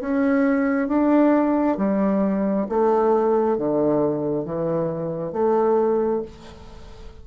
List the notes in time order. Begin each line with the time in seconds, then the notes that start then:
0.00 C#4
0.88 D4
1.77 G3
2.68 A3
3.57 D3
4.44 E3
5.32 A3